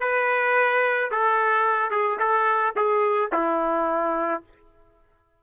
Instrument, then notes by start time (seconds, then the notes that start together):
trumpet
0.00 B4
1.11 A4
1.91 G#4
2.19 A4
2.76 G#4
3.33 E4